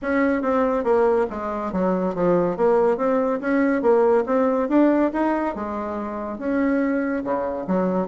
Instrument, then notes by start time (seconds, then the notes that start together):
bassoon
0.02 C#4
0.42 C4
0.84 A#3
1.30 G#3
1.72 F#3
2.15 F3
2.56 A#3
2.97 C4
3.40 C#4
3.82 A#3
4.26 C4
4.68 D4
5.12 D#4
5.55 G#3
6.38 C#4
7.23 C#3
7.67 F#3